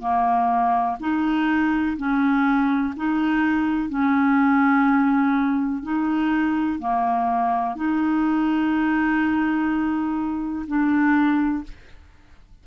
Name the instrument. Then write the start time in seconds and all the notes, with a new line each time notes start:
clarinet
0.00 A#3
1.00 D#4
1.97 C#4
2.96 D#4
3.89 C#4
5.82 D#4
6.79 A#3
7.76 D#4
10.67 D4